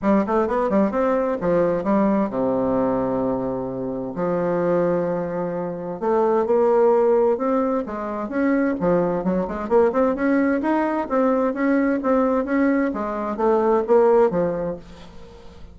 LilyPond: \new Staff \with { instrumentName = "bassoon" } { \time 4/4 \tempo 4 = 130 g8 a8 b8 g8 c'4 f4 | g4 c2.~ | c4 f2.~ | f4 a4 ais2 |
c'4 gis4 cis'4 f4 | fis8 gis8 ais8 c'8 cis'4 dis'4 | c'4 cis'4 c'4 cis'4 | gis4 a4 ais4 f4 | }